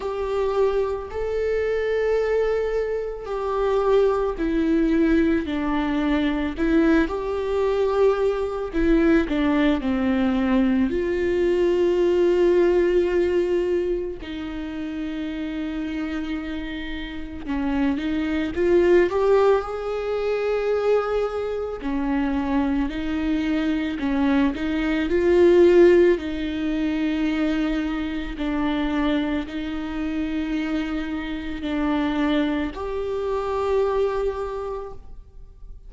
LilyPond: \new Staff \with { instrumentName = "viola" } { \time 4/4 \tempo 4 = 55 g'4 a'2 g'4 | e'4 d'4 e'8 g'4. | e'8 d'8 c'4 f'2~ | f'4 dis'2. |
cis'8 dis'8 f'8 g'8 gis'2 | cis'4 dis'4 cis'8 dis'8 f'4 | dis'2 d'4 dis'4~ | dis'4 d'4 g'2 | }